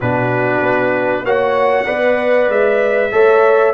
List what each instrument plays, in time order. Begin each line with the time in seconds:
0.00 tuba B2, trombone D4, horn F#4, trumpet B4
0.61 tuba B3
1.22 tuba A#3, trombone F#4, horn C#5, trumpet F#5
1.85 tuba B3, trombone B4, horn D5
2.49 tuba G#3, trumpet E5
3.11 tuba A3, trombone A4, horn C#5